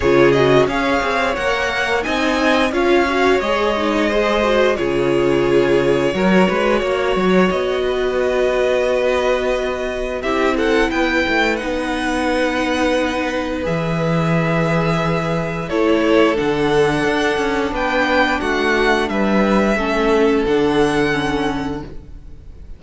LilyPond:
<<
  \new Staff \with { instrumentName = "violin" } { \time 4/4 \tempo 4 = 88 cis''8 dis''8 f''4 fis''4 gis''4 | f''4 dis''2 cis''4~ | cis''2. dis''4~ | dis''2. e''8 fis''8 |
g''4 fis''2. | e''2. cis''4 | fis''2 g''4 fis''4 | e''2 fis''2 | }
  \new Staff \with { instrumentName = "violin" } { \time 4/4 gis'4 cis''2 dis''4 | cis''2 c''4 gis'4~ | gis'4 ais'8 b'8 cis''4. b'8~ | b'2. g'8 a'8 |
b'1~ | b'2. a'4~ | a'2 b'4 fis'4 | b'4 a'2. | }
  \new Staff \with { instrumentName = "viola" } { \time 4/4 f'8 fis'8 gis'4 ais'4 dis'4 | f'8 fis'8 gis'8 dis'8 gis'8 fis'8 f'4~ | f'4 fis'2.~ | fis'2. e'4~ |
e'4 dis'2. | gis'2. e'4 | d'1~ | d'4 cis'4 d'4 cis'4 | }
  \new Staff \with { instrumentName = "cello" } { \time 4/4 cis4 cis'8 c'8 ais4 c'4 | cis'4 gis2 cis4~ | cis4 fis8 gis8 ais8 fis8 b4~ | b2. c'4 |
b8 a8 b2. | e2. a4 | d4 d'8 cis'8 b4 a4 | g4 a4 d2 | }
>>